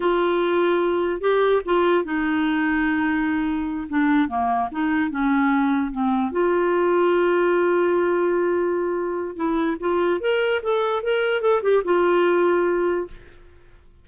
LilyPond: \new Staff \with { instrumentName = "clarinet" } { \time 4/4 \tempo 4 = 147 f'2. g'4 | f'4 dis'2.~ | dis'4. d'4 ais4 dis'8~ | dis'8 cis'2 c'4 f'8~ |
f'1~ | f'2. e'4 | f'4 ais'4 a'4 ais'4 | a'8 g'8 f'2. | }